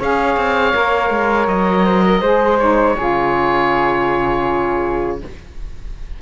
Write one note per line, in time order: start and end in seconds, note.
0.00 0.37 C#4
0.00 0.73 G#4
0.00 1.85 C#5
0.00 1.48 F5
0.37 0.74 C4
0.73 1.10 A#3
0.73 2.21 A#4
1.10 1.48 G#3
1.48 2.21 F#3
1.48 2.59 D#5
1.85 2.04 C5
2.07 2.21 A#4
2.21 2.96 G#3
2.21 2.60 G#4
2.21 2.96 C5
2.59 2.98 D#4
2.59 5.18 C#5
2.97 5.22 C#3
2.97 5.20 F4
2.97 5.19 G#4